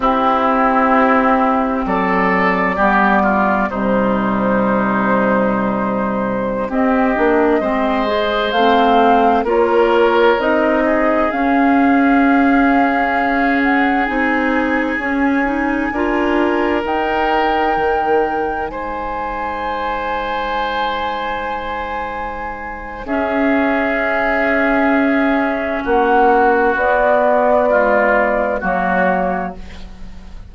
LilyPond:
<<
  \new Staff \with { instrumentName = "flute" } { \time 4/4 \tempo 4 = 65 g'2 d''2 | c''2.~ c''16 dis''8.~ | dis''4~ dis''16 f''4 cis''4 dis''8.~ | dis''16 f''2~ f''8 fis''8 gis''8.~ |
gis''2~ gis''16 g''4.~ g''16~ | g''16 gis''2.~ gis''8.~ | gis''4 e''2. | fis''4 d''2 cis''4 | }
  \new Staff \with { instrumentName = "oboe" } { \time 4/4 e'2 a'4 g'8 f'8 | dis'2.~ dis'16 g'8.~ | g'16 c''2 ais'4. gis'16~ | gis'1~ |
gis'4~ gis'16 ais'2~ ais'8.~ | ais'16 c''2.~ c''8.~ | c''4 gis'2. | fis'2 f'4 fis'4 | }
  \new Staff \with { instrumentName = "clarinet" } { \time 4/4 c'2. b4 | g2.~ g16 c'8 d'16~ | d'16 c'8 gis'8 c'4 f'4 dis'8.~ | dis'16 cis'2. dis'8.~ |
dis'16 cis'8 dis'8 f'4 dis'4.~ dis'16~ | dis'1~ | dis'4 cis'2.~ | cis'4 b4 gis4 ais4 | }
  \new Staff \with { instrumentName = "bassoon" } { \time 4/4 c'2 fis4 g4 | c2.~ c16 c'8 ais16~ | ais16 gis4 a4 ais4 c'8.~ | c'16 cis'2. c'8.~ |
c'16 cis'4 d'4 dis'4 dis8.~ | dis16 gis2.~ gis8.~ | gis4 cis'2. | ais4 b2 fis4 | }
>>